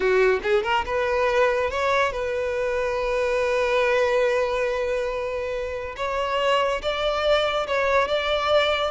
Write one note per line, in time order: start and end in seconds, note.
0.00 0.40 F#4
0.43 0.63 G#4
0.63 0.84 A#4
0.85 1.70 B4
1.70 2.12 C#5
2.12 5.95 B4
5.96 6.81 C#5
6.81 7.67 D5
7.67 8.07 C#5
8.07 8.91 D5